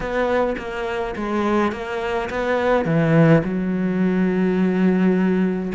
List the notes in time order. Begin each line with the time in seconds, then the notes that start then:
0.00 B3
0.58 A#3
1.16 G#3
1.72 A#3
2.30 B3
2.85 E3
3.43 F#3